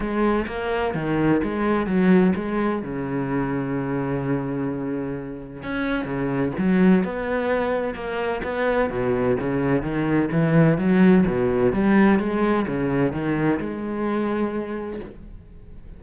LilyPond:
\new Staff \with { instrumentName = "cello" } { \time 4/4 \tempo 4 = 128 gis4 ais4 dis4 gis4 | fis4 gis4 cis2~ | cis1 | cis'4 cis4 fis4 b4~ |
b4 ais4 b4 b,4 | cis4 dis4 e4 fis4 | b,4 g4 gis4 cis4 | dis4 gis2. | }